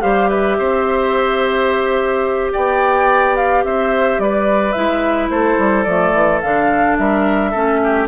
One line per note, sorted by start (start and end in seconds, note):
0.00 0.59 G3
0.00 4.72 G4
0.00 0.29 C5
0.00 0.29 F5
0.29 0.57 B4
0.29 2.51 E5
0.58 2.53 C4
0.58 2.52 C5
2.52 3.64 B3
2.52 3.64 D5
2.52 3.36 G5
3.36 3.64 F5
3.64 4.19 C4
3.64 4.22 C5
3.64 4.19 E5
4.19 4.74 G3
4.19 5.31 B4
4.19 4.72 D5
4.72 5.29 G#3
4.72 5.86 E4
4.72 5.28 E5
5.29 5.57 A3
5.29 6.97 A4
5.29 5.83 C5
5.58 5.86 G3
5.83 6.13 F3
5.83 6.42 A3
5.83 6.39 D5
6.13 6.41 E3
6.41 6.98 D3
6.41 7.54 D4
6.41 6.97 F5
6.97 7.54 G3
6.97 7.51 A#4
6.97 8.08 E5
7.51 8.08 A3
7.51 8.08 C#4
7.51 7.79 A4
7.83 8.08 G4